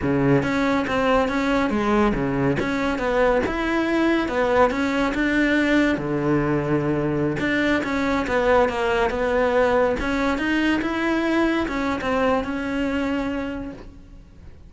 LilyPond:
\new Staff \with { instrumentName = "cello" } { \time 4/4 \tempo 4 = 140 cis4 cis'4 c'4 cis'4 | gis4 cis4 cis'4 b4 | e'2 b4 cis'4 | d'2 d2~ |
d4~ d16 d'4 cis'4 b8.~ | b16 ais4 b2 cis'8.~ | cis'16 dis'4 e'2 cis'8. | c'4 cis'2. | }